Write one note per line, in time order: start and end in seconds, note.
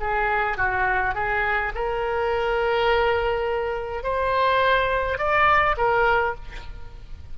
0.00 0.57 G#4
0.57 1.14 F#4
1.14 1.72 G#4
1.75 4.03 A#4
4.03 5.18 C5
5.18 5.75 D5
5.77 6.35 A#4